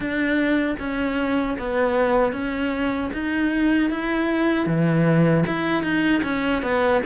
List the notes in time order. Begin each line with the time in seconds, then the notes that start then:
0.00 D4
0.79 C#4
1.58 B3
2.32 C#4
3.13 D#4
3.90 E4
4.66 E3
5.46 E4
5.83 D#4
6.23 C#4
6.62 B3